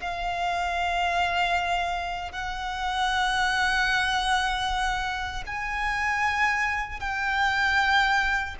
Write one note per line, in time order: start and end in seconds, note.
0.00 2.32 F5
2.32 5.43 F#5
5.46 7.00 G#5
7.00 8.55 G5